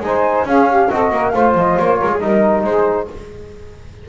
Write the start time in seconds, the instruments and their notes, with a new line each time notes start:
0.00 double bass G#3, trombone D#4, saxophone C5, flute G#5
0.44 double bass C#4, trombone C#4, saxophone G#4, flute F5
0.69 saxophone G4
0.90 double bass C4, trombone F#4, saxophone A4, flute D#5
1.11 double bass A#3, saxophone A#4
1.30 double bass A3, trombone F4, saxophone C5, flute F5
1.55 double bass F3, flute D#5
1.78 double bass A#3, flute C#5
1.99 double bass G#3, saxophone A#4
2.12 saxophone G#4
2.19 double bass G3, trombone D#4, saxophone A#4, flute D#5
2.64 double bass G#3, saxophone G#4, flute C5